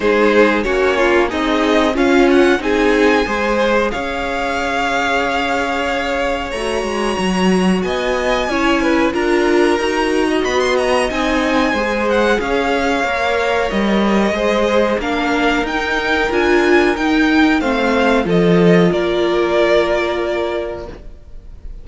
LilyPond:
<<
  \new Staff \with { instrumentName = "violin" } { \time 4/4 \tempo 4 = 92 c''4 cis''4 dis''4 f''8 fis''8 | gis''2 f''2~ | f''2 ais''2 | gis''2 ais''2 |
b''16 c'''16 ais''8 gis''4. fis''8 f''4~ | f''4 dis''2 f''4 | g''4 gis''4 g''4 f''4 | dis''4 d''2. | }
  \new Staff \with { instrumentName = "violin" } { \time 4/4 gis'4 fis'8 f'8 dis'4 cis'4 | gis'4 c''4 cis''2~ | cis''1 | dis''4 cis''8 b'8 ais'4.~ ais'16 dis''16~ |
dis''2 c''4 cis''4~ | cis''2 c''4 ais'4~ | ais'2. c''4 | a'4 ais'2. | }
  \new Staff \with { instrumentName = "viola" } { \time 4/4 dis'4 cis'4 gis'4 f'4 | dis'4 gis'2.~ | gis'2 fis'2~ | fis'4 e'4 f'4 fis'4~ |
fis'4 dis'4 gis'2 | ais'2 gis'4 d'4 | dis'4 f'4 dis'4 c'4 | f'1 | }
  \new Staff \with { instrumentName = "cello" } { \time 4/4 gis4 ais4 c'4 cis'4 | c'4 gis4 cis'2~ | cis'2 a8 gis8 fis4 | b4 cis'4 d'4 dis'4 |
b4 c'4 gis4 cis'4 | ais4 g4 gis4 ais4 | dis'4 d'4 dis'4 a4 | f4 ais2. | }
>>